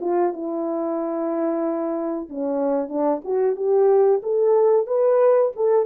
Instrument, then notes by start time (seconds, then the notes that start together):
horn
0.00 F4
0.33 E4
2.29 C#4
2.88 D4
3.24 F#4
3.56 G4
4.22 A4
4.86 B4
5.56 A4